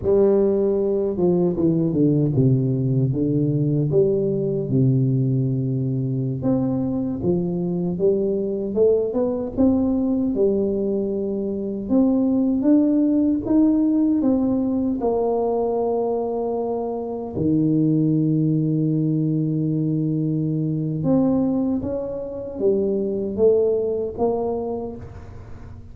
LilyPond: \new Staff \with { instrumentName = "tuba" } { \time 4/4 \tempo 4 = 77 g4. f8 e8 d8 c4 | d4 g4 c2~ | c16 c'4 f4 g4 a8 b16~ | b16 c'4 g2 c'8.~ |
c'16 d'4 dis'4 c'4 ais8.~ | ais2~ ais16 dis4.~ dis16~ | dis2. c'4 | cis'4 g4 a4 ais4 | }